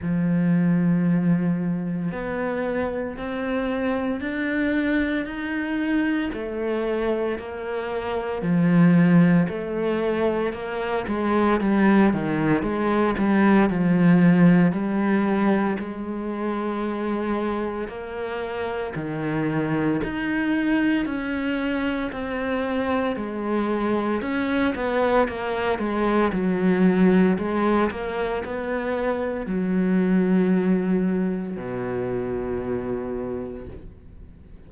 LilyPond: \new Staff \with { instrumentName = "cello" } { \time 4/4 \tempo 4 = 57 f2 b4 c'4 | d'4 dis'4 a4 ais4 | f4 a4 ais8 gis8 g8 dis8 | gis8 g8 f4 g4 gis4~ |
gis4 ais4 dis4 dis'4 | cis'4 c'4 gis4 cis'8 b8 | ais8 gis8 fis4 gis8 ais8 b4 | fis2 b,2 | }